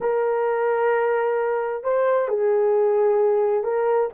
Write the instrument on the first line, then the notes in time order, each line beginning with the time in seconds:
horn
0.01 A#4
1.83 C5
2.28 G#4
3.63 A#4